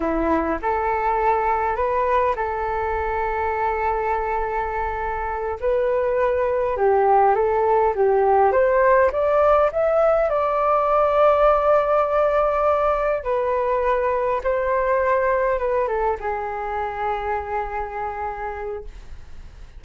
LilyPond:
\new Staff \with { instrumentName = "flute" } { \time 4/4 \tempo 4 = 102 e'4 a'2 b'4 | a'1~ | a'4. b'2 g'8~ | g'8 a'4 g'4 c''4 d''8~ |
d''8 e''4 d''2~ d''8~ | d''2~ d''8 b'4.~ | b'8 c''2 b'8 a'8 gis'8~ | gis'1 | }